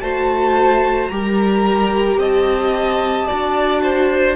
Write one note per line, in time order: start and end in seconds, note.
0.00 1.10 A3
0.00 1.10 F#4
0.00 1.11 C5
0.00 1.08 A5
1.08 2.17 G3
1.08 3.28 G4
1.08 2.19 A#4
1.08 2.17 A#5
2.17 3.27 C4
2.17 3.26 D#5
2.17 4.36 A5
3.26 4.36 D4
3.26 4.36 F#4
3.26 3.81 D5
3.83 4.36 C5